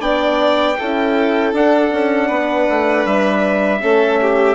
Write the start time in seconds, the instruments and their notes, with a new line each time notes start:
0.00 bassoon B3, horn D4, violin D5, trumpet G5
0.79 bassoon C#4, horn E4, violin A4
1.53 bassoon D4, horn D4, trumpet F#5
1.92 bassoon C#4
2.27 bassoon B3, violin B4
2.69 bassoon A3
3.05 bassoon G3, trumpet E5
3.80 bassoon A3, horn C#4, violin A4
4.22 violin G4